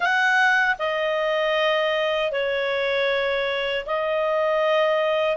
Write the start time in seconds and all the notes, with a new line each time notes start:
0.00 F#5
0.78 D#5
2.31 C#5
3.85 D#5